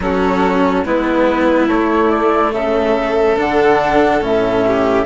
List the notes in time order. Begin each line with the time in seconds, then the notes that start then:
0.00 F#3 C#4 F#4 A4
0.84 G#3 B3 E4 B4
1.67 A3 C#5
2.10 D5
2.52 C#3 A4 E5
3.36 D3 D4 F#5
4.20 A2 C#4 E5
4.66 G4